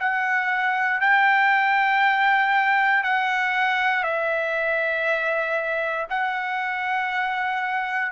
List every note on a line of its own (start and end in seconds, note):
0.00 1.01 F#5
1.01 3.04 G5
3.04 4.04 F#5
4.04 6.07 E5
6.10 8.12 F#5